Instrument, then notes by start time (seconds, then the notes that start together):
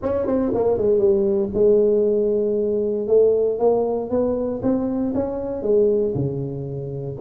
tuba
0.02 C#4
0.26 C4
0.54 A#3
0.77 G#3
0.98 G3
1.54 G#3
3.07 A3
3.58 A#3
4.10 B3
4.62 C4
5.14 C#4
5.62 G#3
6.14 C#3